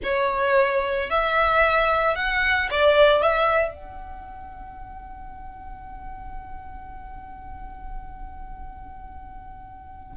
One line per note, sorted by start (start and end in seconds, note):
0.03 1.10 C#5
1.10 2.15 E5
2.15 2.69 F#5
2.70 3.21 D5
3.21 3.74 E5
3.74 10.17 F#5